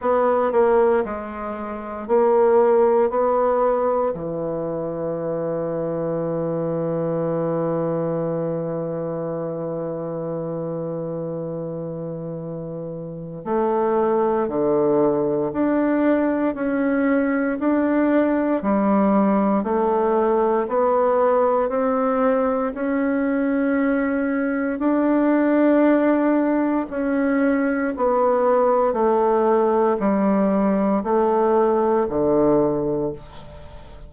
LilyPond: \new Staff \with { instrumentName = "bassoon" } { \time 4/4 \tempo 4 = 58 b8 ais8 gis4 ais4 b4 | e1~ | e1~ | e4 a4 d4 d'4 |
cis'4 d'4 g4 a4 | b4 c'4 cis'2 | d'2 cis'4 b4 | a4 g4 a4 d4 | }